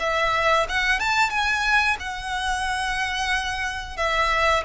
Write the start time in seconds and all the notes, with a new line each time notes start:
0.00 E5
0.69 F#5
1.00 A5
1.31 G#5
2.00 F#5
3.97 E5